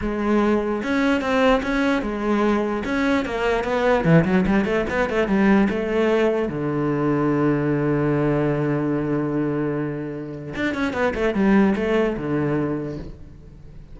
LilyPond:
\new Staff \with { instrumentName = "cello" } { \time 4/4 \tempo 4 = 148 gis2 cis'4 c'4 | cis'4 gis2 cis'4 | ais4 b4 e8 fis8 g8 a8 | b8 a8 g4 a2 |
d1~ | d1~ | d2 d'8 cis'8 b8 a8 | g4 a4 d2 | }